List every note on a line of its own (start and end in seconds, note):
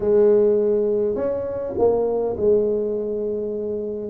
0.00 1.15 G#3
1.15 1.73 C#4
1.77 2.36 A#3
2.37 4.09 G#3